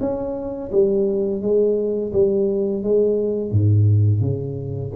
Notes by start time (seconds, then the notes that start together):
0.00 C#4
0.72 G3
1.41 G#3
2.12 G3
2.83 G#3
3.51 G#2
4.21 C#3